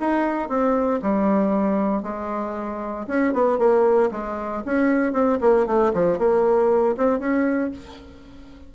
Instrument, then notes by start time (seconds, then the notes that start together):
bassoon
0.00 D#4
0.49 C4
1.02 G3
2.03 G#3
3.07 C#4
3.33 B3
3.58 A#3
4.11 G#3
4.65 C#4
5.13 C4
5.41 A#3
5.66 A3
5.93 F3
6.18 A#3
6.97 C4
7.19 C#4